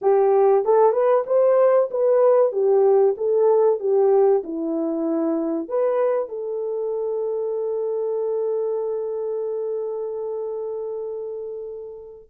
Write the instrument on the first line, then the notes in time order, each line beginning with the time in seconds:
horn
0.01 G4
0.65 A4
0.92 B4
1.26 C5
1.91 B4
2.51 G4
3.17 A4
3.79 G4
4.43 E4
5.68 B4
6.28 A4